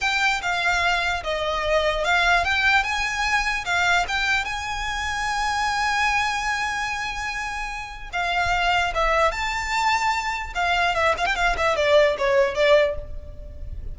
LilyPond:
\new Staff \with { instrumentName = "violin" } { \time 4/4 \tempo 4 = 148 g''4 f''2 dis''4~ | dis''4 f''4 g''4 gis''4~ | gis''4 f''4 g''4 gis''4~ | gis''1~ |
gis''1 | f''2 e''4 a''4~ | a''2 f''4 e''8 f''16 g''16 | f''8 e''8 d''4 cis''4 d''4 | }